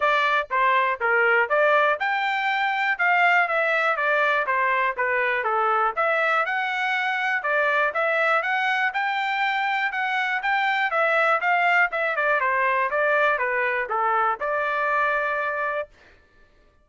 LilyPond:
\new Staff \with { instrumentName = "trumpet" } { \time 4/4 \tempo 4 = 121 d''4 c''4 ais'4 d''4 | g''2 f''4 e''4 | d''4 c''4 b'4 a'4 | e''4 fis''2 d''4 |
e''4 fis''4 g''2 | fis''4 g''4 e''4 f''4 | e''8 d''8 c''4 d''4 b'4 | a'4 d''2. | }